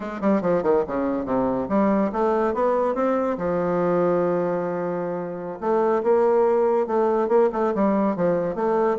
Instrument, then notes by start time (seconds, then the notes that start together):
bassoon
0.00 G#3
0.21 G3
0.41 F3
0.62 D#3
0.87 C#3
1.25 C3
1.68 G3
2.12 A3
2.54 B3
2.94 C4
3.37 F3
5.60 A3
6.03 A#3
6.87 A3
7.28 A#3
7.52 A3
7.74 G3
8.16 F3
8.55 A3